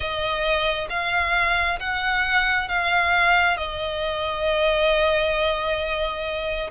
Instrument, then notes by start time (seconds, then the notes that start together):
violin
0.00 D#5
0.89 F5
1.79 F#5
2.68 F5
3.57 D#5